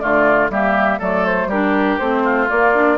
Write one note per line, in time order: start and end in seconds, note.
0.00 0.50 D3
0.00 0.50 A3
0.00 0.52 F4
0.00 0.50 D5
0.50 1.00 G3
0.50 1.01 A#3
0.50 0.99 G4
0.50 1.01 E5
0.99 1.47 F#3
0.99 1.51 A3
0.99 1.49 A4
0.99 1.26 D5
1.26 1.50 C5
1.47 1.96 G3
1.47 2.01 D4
1.47 2.23 G4
1.47 1.99 A#4
1.99 2.50 A3
1.99 2.48 C4
1.99 2.48 C5
2.24 2.98 F4
2.48 2.73 A#3
2.48 2.98 A#3
2.48 2.98 D5
2.75 2.98 D4